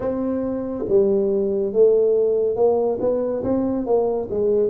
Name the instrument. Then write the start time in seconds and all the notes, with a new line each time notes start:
tuba
0.00 C4
0.88 G3
1.73 A3
2.56 A#3
3.00 B3
3.43 C4
3.86 A#3
4.30 G#3